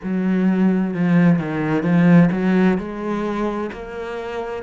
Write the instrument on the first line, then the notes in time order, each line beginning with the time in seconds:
cello
0.03 F#3
0.94 F3
1.38 D#3
1.83 F3
2.31 F#3
2.78 G#3
3.72 A#3